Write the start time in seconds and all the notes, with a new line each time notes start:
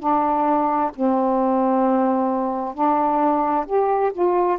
0.00 D4
0.95 C4
2.75 D4
3.67 G4
4.13 F4